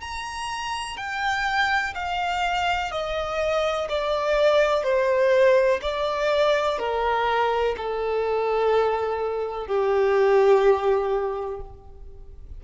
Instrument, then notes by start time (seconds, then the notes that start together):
violin
0.00 A#5
0.97 G5
1.94 F5
2.91 D#5
3.88 D5
4.83 C5
5.81 D5
6.78 A#4
7.77 A4
9.66 G4